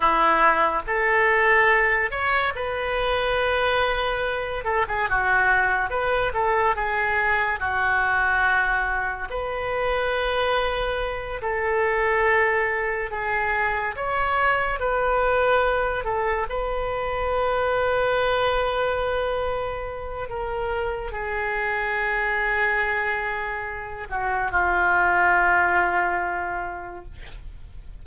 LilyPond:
\new Staff \with { instrumentName = "oboe" } { \time 4/4 \tempo 4 = 71 e'4 a'4. cis''8 b'4~ | b'4. a'16 gis'16 fis'4 b'8 a'8 | gis'4 fis'2 b'4~ | b'4. a'2 gis'8~ |
gis'8 cis''4 b'4. a'8 b'8~ | b'1 | ais'4 gis'2.~ | gis'8 fis'8 f'2. | }